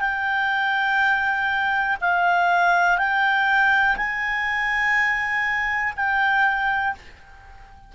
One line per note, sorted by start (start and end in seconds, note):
0.00 1.97 G5
2.00 2.98 F5
2.98 3.96 G5
3.97 5.93 G#5
5.96 6.94 G5